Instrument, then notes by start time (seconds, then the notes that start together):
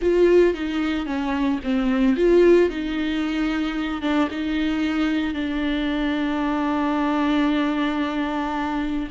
viola
0.01 F4
0.54 D#4
1.06 C#4
1.63 C4
2.16 F4
2.69 D#4
4.01 D4
4.30 D#4
5.34 D4